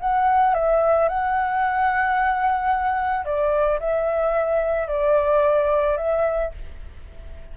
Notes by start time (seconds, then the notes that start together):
0.00 F#5
0.55 E5
1.09 F#5
3.25 D5
3.80 E5
4.88 D5
5.97 E5